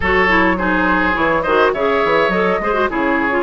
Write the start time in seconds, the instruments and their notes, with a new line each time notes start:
0.00 bassoon F#3, clarinet F#4, oboe A4, flute C#5
0.28 clarinet E4
0.57 clarinet D#4, oboe G#4, flute C5
1.13 bassoon E3, clarinet E4, flute C#5
1.42 bassoon D#3, clarinet F#4, oboe C5, flute D#5
1.73 bassoon C#3, clarinet G#4, oboe C#5, flute E5
2.04 bassoon E3
2.28 bassoon F#3, clarinet A4, flute D#5
2.59 bassoon G#3, clarinet G#4, oboe C5
2.74 clarinet F#4
2.89 bassoon C#3, clarinet E4, oboe G#4, flute C#5
3.30 clarinet F4